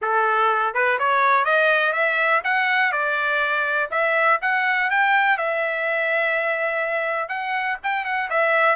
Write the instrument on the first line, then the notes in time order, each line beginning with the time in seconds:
trumpet
0.01 A4
0.74 B4
0.98 C#5
1.45 D#5
1.93 E5
2.44 F#5
2.92 D5
3.90 E5
4.41 F#5
4.90 G5
5.37 E5
7.29 F#5
7.83 G5
8.04 F#5
8.29 E5